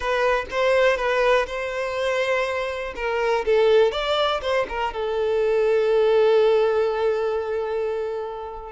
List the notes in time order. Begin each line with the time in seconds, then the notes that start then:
0.00 B4
0.51 C5
0.97 B4
1.46 C5
2.95 A#4
3.45 A4
3.91 D5
4.41 C5
4.69 A#4
4.93 A4